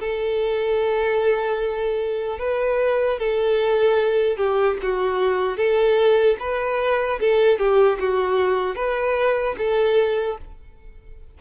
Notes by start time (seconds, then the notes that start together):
0.00 A4
2.39 B4
3.19 A4
4.37 G4
4.82 F#4
5.57 A4
6.40 B4
7.20 A4
7.59 G4
8.00 F#4
8.76 B4
9.58 A4